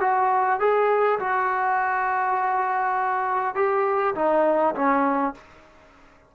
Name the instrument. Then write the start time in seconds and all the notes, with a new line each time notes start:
trombone
0.00 F#4
0.59 G#4
1.19 F#4
3.55 G4
4.15 D#4
4.75 C#4